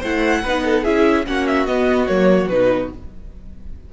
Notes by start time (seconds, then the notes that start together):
0.00 A3 E4 C5 F#5
0.43 B3 D#4 B4
0.65 A4
0.83 C#4 E4 G#4 E5
1.26 A#3 C#4 F#4 F#5
1.47 E5
1.66 B3 D#5
2.07 F#3 A#3 C#5
2.48 B2 D#4 B4